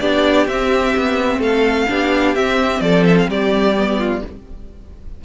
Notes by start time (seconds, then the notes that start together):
0.00 B3 D4 G4 D5
0.47 C4 E5
0.97 B3
1.39 A3 A4 F5
1.89 B3 D4 G4
2.35 C4 E5
2.81 F3 A4 D5
3.06 E5
3.18 F5
3.28 G3 G4 D5
3.77 B3
3.98 F4